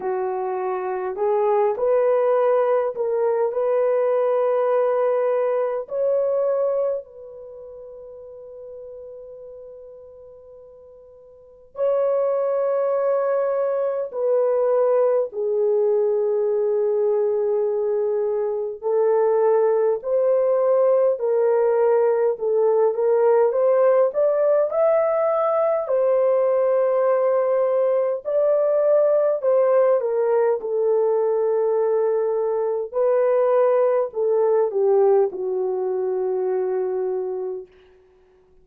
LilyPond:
\new Staff \with { instrumentName = "horn" } { \time 4/4 \tempo 4 = 51 fis'4 gis'8 b'4 ais'8 b'4~ | b'4 cis''4 b'2~ | b'2 cis''2 | b'4 gis'2. |
a'4 c''4 ais'4 a'8 ais'8 | c''8 d''8 e''4 c''2 | d''4 c''8 ais'8 a'2 | b'4 a'8 g'8 fis'2 | }